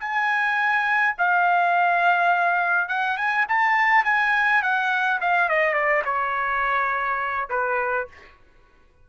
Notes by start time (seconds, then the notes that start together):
0.00 G#5
1.18 F5
2.88 F#5
3.17 G#5
3.49 A5
4.05 G#5
4.62 F#5
5.21 F5
5.49 D#5
5.74 D5
6.05 C#5
7.50 B4